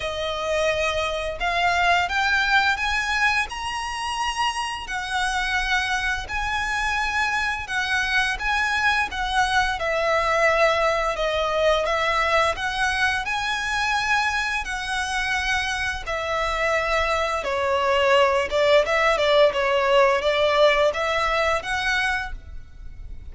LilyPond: \new Staff \with { instrumentName = "violin" } { \time 4/4 \tempo 4 = 86 dis''2 f''4 g''4 | gis''4 ais''2 fis''4~ | fis''4 gis''2 fis''4 | gis''4 fis''4 e''2 |
dis''4 e''4 fis''4 gis''4~ | gis''4 fis''2 e''4~ | e''4 cis''4. d''8 e''8 d''8 | cis''4 d''4 e''4 fis''4 | }